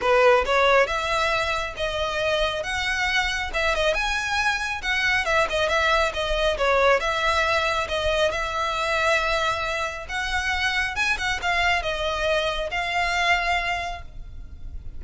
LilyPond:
\new Staff \with { instrumentName = "violin" } { \time 4/4 \tempo 4 = 137 b'4 cis''4 e''2 | dis''2 fis''2 | e''8 dis''8 gis''2 fis''4 | e''8 dis''8 e''4 dis''4 cis''4 |
e''2 dis''4 e''4~ | e''2. fis''4~ | fis''4 gis''8 fis''8 f''4 dis''4~ | dis''4 f''2. | }